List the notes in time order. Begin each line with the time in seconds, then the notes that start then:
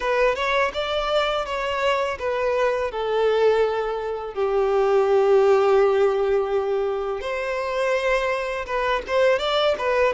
0.00 B4
0.35 C#5
0.73 D5
1.45 C#5
2.19 B4
2.91 A4
4.34 G4
7.21 C5
8.65 B4
9.07 C5
9.38 D5
9.78 B4